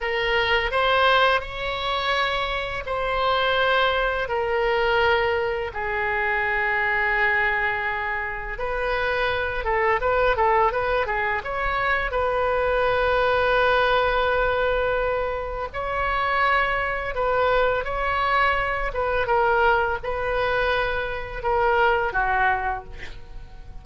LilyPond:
\new Staff \with { instrumentName = "oboe" } { \time 4/4 \tempo 4 = 84 ais'4 c''4 cis''2 | c''2 ais'2 | gis'1 | b'4. a'8 b'8 a'8 b'8 gis'8 |
cis''4 b'2.~ | b'2 cis''2 | b'4 cis''4. b'8 ais'4 | b'2 ais'4 fis'4 | }